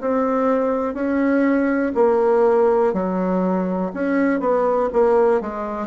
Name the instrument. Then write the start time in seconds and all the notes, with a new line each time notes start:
bassoon
0.00 C4
0.94 C#4
1.94 A#3
2.93 F#3
3.93 C#4
4.39 B3
4.93 A#3
5.41 G#3